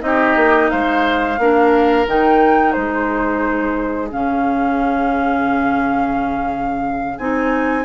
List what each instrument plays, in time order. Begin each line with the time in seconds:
0.00 bassoon C4, clarinet D#4, oboe G4, flute D#5
0.35 bassoon A#3
0.69 bassoon G#3, oboe C5, flute F5
1.38 bassoon A#3, clarinet D4, oboe A#4
2.06 bassoon D#3, clarinet D#4, flute G5
2.72 bassoon G#3, oboe G#4, flute C5
4.10 bassoon C#3, clarinet C#4, flute F5
7.18 bassoon C4, clarinet D#4, flute G#5